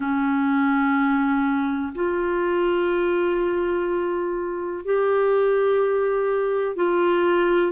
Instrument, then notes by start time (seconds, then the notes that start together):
clarinet
0.00 C#4
1.94 F4
4.84 G4
6.76 F4